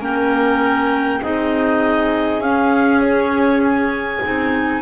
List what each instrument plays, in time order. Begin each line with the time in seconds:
0.00 double bass A#3, clarinet C#4 G5, violin A#4
1.22 double bass C4, clarinet D#4 D#5, violin G#4
2.40 double bass C#4, clarinet C#4 F5
3.02 clarinet C#5
3.63 clarinet G#5
4.24 double bass C4, clarinet D#4